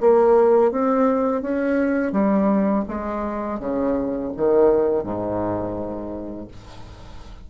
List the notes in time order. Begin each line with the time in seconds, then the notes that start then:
0.00 A#3
0.71 C4
1.42 C#4
2.12 G3
2.88 G#3
3.59 C#3
4.37 D#3
5.03 G#2